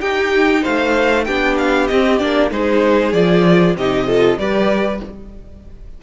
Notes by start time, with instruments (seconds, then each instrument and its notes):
0.00 viola D#4, cello D#4, violin G4 G5
0.62 cello A3, violin C5 F5
1.24 cello B3, viola D4, violin G4 G5
1.58 violin F5
1.87 viola C4, cello C4, violin D#5
2.18 cello A#3, viola D4, violin D5
2.50 cello G#3, viola D#4, violin G#4 C5
3.12 cello F3, viola F4, violin D5
3.75 cello C3, viola D#4, violin G4 D#5
4.07 viola F4, violin A4
4.37 cello G3, viola G4, violin B4 D5